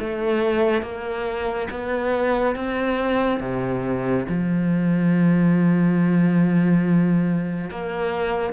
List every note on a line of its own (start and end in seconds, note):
0.00 0.82 A3
0.82 1.68 A#3
1.71 2.56 B3
2.56 3.40 C4
3.40 4.26 C3
4.29 7.71 F3
7.71 8.53 A#3